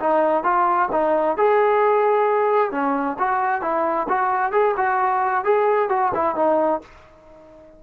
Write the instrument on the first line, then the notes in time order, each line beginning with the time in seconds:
trombone
0.00 D#4
0.44 F4
0.92 D#4
1.38 G#4
2.71 C#4
3.19 F#4
3.62 E4
4.09 F#4
4.52 G#4
4.77 F#4
5.45 G#4
5.89 F#4
6.14 E4
6.36 D#4